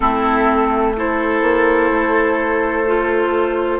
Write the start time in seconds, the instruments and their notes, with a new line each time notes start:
0.00 bassoon A3, clarinet C4, oboe E4, flute A4
0.96 clarinet E4, oboe A4, flute C5
1.42 bassoon A#3
1.91 bassoon A3
2.86 clarinet F4